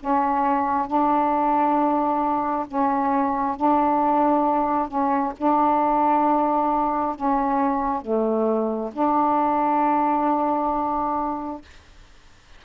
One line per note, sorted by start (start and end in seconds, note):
0.00 0.87 C#4
0.87 2.66 D4
2.67 3.56 C#4
3.56 4.88 D4
4.88 5.32 C#4
5.37 7.15 D4
7.15 8.01 C#4
8.01 8.91 A3
8.93 11.61 D4